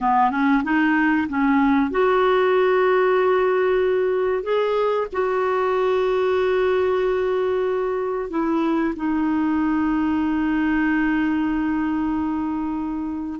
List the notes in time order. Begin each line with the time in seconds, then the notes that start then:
0.00 B3
0.30 C#4
0.63 D#4
1.28 C#4
1.90 F#4
4.43 G#4
5.12 F#4
8.30 E4
8.96 D#4